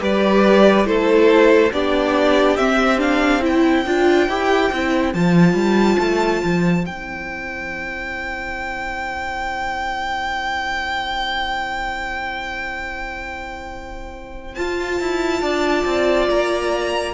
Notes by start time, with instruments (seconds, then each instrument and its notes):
0.00 cello G3, viola G4, violin B4 D5
0.85 cello A3, viola E4, violin A4 C5
1.72 cello B3, viola D4, violin G4 D5
2.57 viola C4, cello C4, violin E5
2.98 viola D4, violin F5
3.40 viola E4, violin C5 G5
3.86 cello D4, viola F4
4.28 cello E4, viola G4
4.72 cello C4, viola E4
5.14 cello F3, viola F4, violin A5
5.54 cello G3
5.99 cello A3
6.44 cello F3
6.84 cello C4, viola E4, violin G5
14.55 viola F4, cello F4, violin A5
15.00 cello E4
15.41 cello D4, violin D5
15.85 cello C4
16.30 cello A#3, violin A#5